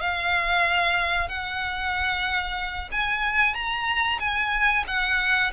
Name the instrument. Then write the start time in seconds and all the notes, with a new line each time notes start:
violin
0.00 F5
1.28 F#5
2.91 G#5
3.54 A#5
4.19 G#5
4.87 F#5